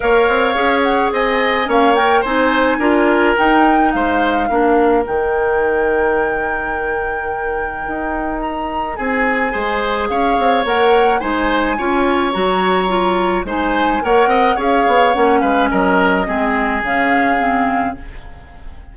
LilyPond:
<<
  \new Staff \with { instrumentName = "flute" } { \time 4/4 \tempo 4 = 107 f''4. fis''8 gis''4 f''8 g''8 | gis''2 g''4 f''4~ | f''4 g''2.~ | g''2. ais''4 |
gis''2 f''4 fis''4 | gis''2 ais''2 | gis''4 fis''4 f''4 fis''8 f''8 | dis''2 f''2 | }
  \new Staff \with { instrumentName = "oboe" } { \time 4/4 cis''2 dis''4 cis''4 | c''4 ais'2 c''4 | ais'1~ | ais'1 |
gis'4 c''4 cis''2 | c''4 cis''2. | c''4 cis''8 dis''8 cis''4. b'8 | ais'4 gis'2. | }
  \new Staff \with { instrumentName = "clarinet" } { \time 4/4 ais'4 gis'2 cis'8 ais'8 | dis'4 f'4 dis'2 | d'4 dis'2.~ | dis'1~ |
dis'4 gis'2 ais'4 | dis'4 f'4 fis'4 f'4 | dis'4 ais'4 gis'4 cis'4~ | cis'4 c'4 cis'4 c'4 | }
  \new Staff \with { instrumentName = "bassoon" } { \time 4/4 ais8 c'8 cis'4 c'4 ais4 | c'4 d'4 dis'4 gis4 | ais4 dis2.~ | dis2 dis'2 |
c'4 gis4 cis'8 c'8 ais4 | gis4 cis'4 fis2 | gis4 ais8 c'8 cis'8 b8 ais8 gis8 | fis4 gis4 cis2 | }
>>